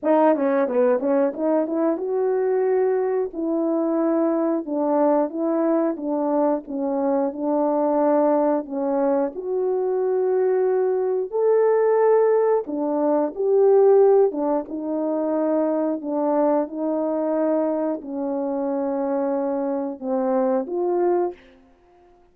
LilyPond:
\new Staff \with { instrumentName = "horn" } { \time 4/4 \tempo 4 = 90 dis'8 cis'8 b8 cis'8 dis'8 e'8 fis'4~ | fis'4 e'2 d'4 | e'4 d'4 cis'4 d'4~ | d'4 cis'4 fis'2~ |
fis'4 a'2 d'4 | g'4. d'8 dis'2 | d'4 dis'2 cis'4~ | cis'2 c'4 f'4 | }